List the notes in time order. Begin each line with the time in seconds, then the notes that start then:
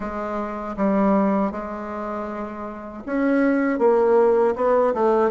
0.00 G#3
0.76 G3
1.51 G#3
3.06 C#4
3.78 A#3
4.55 B3
4.94 A3